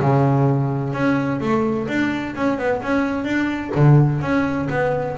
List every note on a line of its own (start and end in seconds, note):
0.00 0.93 C#3
0.93 1.40 C#4
1.40 1.87 A3
1.87 2.34 D4
2.35 2.58 C#4
2.58 2.81 B3
2.82 3.24 C#4
3.24 3.71 D4
3.75 4.21 D3
4.21 4.68 C#4
4.69 5.16 B3